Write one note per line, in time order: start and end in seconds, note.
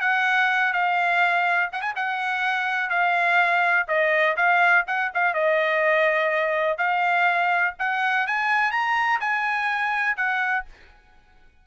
0.00 0.72 F#5
0.72 1.69 F5
1.72 1.81 F#5
1.81 1.93 G#5
1.95 2.89 F#5
2.89 3.86 F5
3.88 4.36 D#5
4.36 4.85 F5
4.87 5.11 F#5
5.14 5.34 F5
5.34 6.77 D#5
6.77 7.74 F5
7.79 8.27 F#5
8.27 8.71 G#5
8.71 9.19 A#5
9.20 10.16 G#5
10.16 10.65 F#5